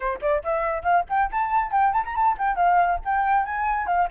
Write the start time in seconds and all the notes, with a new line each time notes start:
0.00 C5
0.21 D5
0.43 E5
0.83 F5
1.09 G5
1.31 A5
1.71 G5
1.93 A5
2.04 A#5
2.15 A5
2.38 G5
2.56 F5
3.04 G5
3.45 G#5
3.87 F5